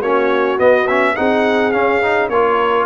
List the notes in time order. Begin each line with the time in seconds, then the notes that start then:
0.00 A#3 C#4 F#4 C#5
0.58 B3 D#5
0.88 C#4 E5
1.16 C4 D#4 G#4 F#5
1.72 C#4 F5
2.03 D#4
2.29 A#3 F4 A#4 C#5